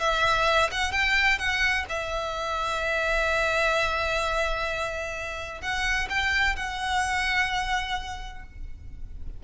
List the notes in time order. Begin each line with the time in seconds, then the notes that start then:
0.00 E5
0.72 F#5
0.92 G5
1.39 F#5
1.89 E5
5.62 F#5
6.10 G5
6.56 F#5